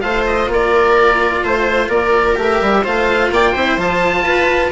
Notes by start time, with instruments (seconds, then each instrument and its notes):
0.00 bassoon A3, cello F4, viola C5, oboe F5
0.26 oboe D#5
0.48 bassoon A#3, oboe D5
0.54 viola A#4
1.44 bassoon A3, viola C5, oboe C5
1.88 bassoon A#3, viola A#4, oboe D5
2.35 bassoon A3, cello G4
2.42 oboe E5
2.61 bassoon G3
2.83 bassoon A3, cello F4, viola C5, oboe F5
3.30 bassoon A#3, viola D5, oboe G5
3.51 bassoon C4, cello E4, viola C5
3.77 bassoon F3, cello F4, oboe A5
4.24 bassoon F4, viola B4